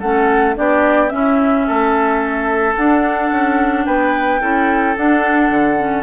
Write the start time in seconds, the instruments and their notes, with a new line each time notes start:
0.00 bassoon A3, clarinet C#4, oboe A4, flute F#5
0.55 bassoon B3, clarinet D4, oboe G4, flute D5
1.09 clarinet C#4, bassoon C#4, oboe E4, flute E5
1.67 bassoon A3, oboe A4
2.76 bassoon D4, clarinet D4, flute F#5
3.31 bassoon C#4
3.86 bassoon B3, oboe B4, flute G5
4.41 bassoon C#4, clarinet E4, oboe A4
4.96 clarinet D4, bassoon D4, flute F#5
5.50 bassoon D3
5.78 clarinet C#4